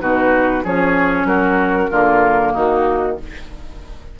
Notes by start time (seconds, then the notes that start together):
0.00 B2 D#4 F#4 B4
0.64 F3 C#4 G#4 C#5
1.25 F#3 F#4 A#4
1.90 D3 A#3 F4
2.52 D#3 D#4 F#4